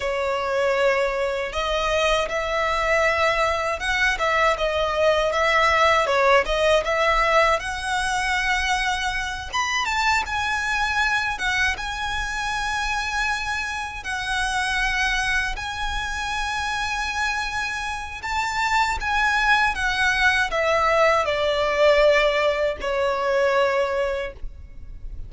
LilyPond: \new Staff \with { instrumentName = "violin" } { \time 4/4 \tempo 4 = 79 cis''2 dis''4 e''4~ | e''4 fis''8 e''8 dis''4 e''4 | cis''8 dis''8 e''4 fis''2~ | fis''8 b''8 a''8 gis''4. fis''8 gis''8~ |
gis''2~ gis''8 fis''4.~ | fis''8 gis''2.~ gis''8 | a''4 gis''4 fis''4 e''4 | d''2 cis''2 | }